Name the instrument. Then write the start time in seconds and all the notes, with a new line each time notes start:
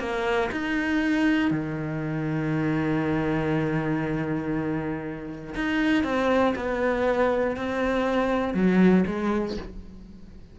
cello
0.00 A#3
0.52 D#4
1.51 D#3
5.55 D#4
6.04 C4
6.56 B3
7.57 C4
8.54 F#3
9.07 G#3